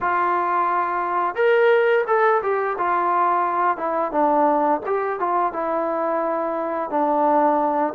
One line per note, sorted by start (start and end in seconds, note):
0.00 1.35 F4
1.35 2.04 A#4
2.07 2.41 A4
2.42 2.76 G4
2.77 3.77 F4
3.77 4.11 E4
4.11 4.80 D4
4.86 5.19 G4
5.19 5.53 F4
5.53 6.90 E4
6.90 7.93 D4